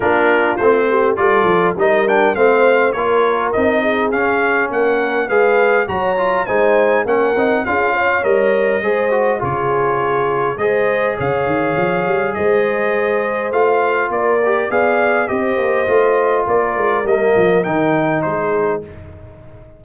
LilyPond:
<<
  \new Staff \with { instrumentName = "trumpet" } { \time 4/4 \tempo 4 = 102 ais'4 c''4 d''4 dis''8 g''8 | f''4 cis''4 dis''4 f''4 | fis''4 f''4 ais''4 gis''4 | fis''4 f''4 dis''2 |
cis''2 dis''4 f''4~ | f''4 dis''2 f''4 | d''4 f''4 dis''2 | d''4 dis''4 g''4 c''4 | }
  \new Staff \with { instrumentName = "horn" } { \time 4/4 f'4. g'8 a'4 ais'4 | c''4 ais'4. gis'4. | ais'4 b'4 cis''4 c''4 | ais'4 gis'8 cis''4. c''4 |
gis'2 c''4 cis''4~ | cis''4 c''2. | ais'4 d''4 c''2 | ais'2. gis'4 | }
  \new Staff \with { instrumentName = "trombone" } { \time 4/4 d'4 c'4 f'4 dis'8 d'8 | c'4 f'4 dis'4 cis'4~ | cis'4 gis'4 fis'8 f'8 dis'4 | cis'8 dis'8 f'4 ais'4 gis'8 fis'8 |
f'2 gis'2~ | gis'2. f'4~ | f'8 g'8 gis'4 g'4 f'4~ | f'4 ais4 dis'2 | }
  \new Staff \with { instrumentName = "tuba" } { \time 4/4 ais4 a4 g8 f8 g4 | a4 ais4 c'4 cis'4 | ais4 gis4 fis4 gis4 | ais8 c'8 cis'4 g4 gis4 |
cis2 gis4 cis8 dis8 | f8 g8 gis2 a4 | ais4 b4 c'8 ais8 a4 | ais8 gis8 g8 f8 dis4 gis4 | }
>>